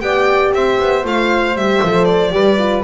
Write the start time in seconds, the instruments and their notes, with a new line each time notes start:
0.00 double bass B3, horn G4, flute D5, violin G5
0.53 double bass C4, flute C5, violin E5
0.79 double bass B3
1.03 double bass A3, horn F4, violin F5
1.54 double bass G3, horn G4, violin E5
1.83 double bass F3, horn A4
2.05 violin D5
2.31 double bass G3, horn G4, flute B4
2.58 horn F4